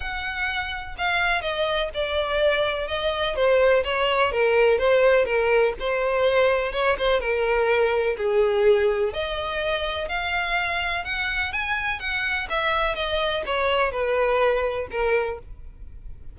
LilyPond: \new Staff \with { instrumentName = "violin" } { \time 4/4 \tempo 4 = 125 fis''2 f''4 dis''4 | d''2 dis''4 c''4 | cis''4 ais'4 c''4 ais'4 | c''2 cis''8 c''8 ais'4~ |
ais'4 gis'2 dis''4~ | dis''4 f''2 fis''4 | gis''4 fis''4 e''4 dis''4 | cis''4 b'2 ais'4 | }